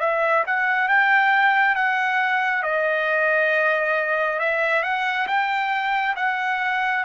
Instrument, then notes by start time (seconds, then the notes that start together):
trumpet
0.00 E5
0.47 F#5
0.89 G5
1.75 F#5
2.63 D#5
4.40 E5
4.83 F#5
5.27 G5
6.16 F#5